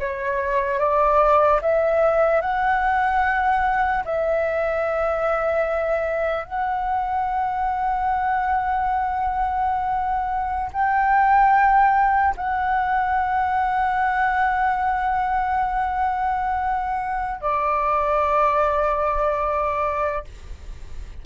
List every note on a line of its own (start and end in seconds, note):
0.00 0.79 C#5
0.79 1.60 D5
1.62 2.41 E5
2.41 4.04 F#5
4.05 6.45 E5
6.45 10.71 F#5
10.73 12.35 G5
12.37 17.41 F#5
17.41 20.25 D5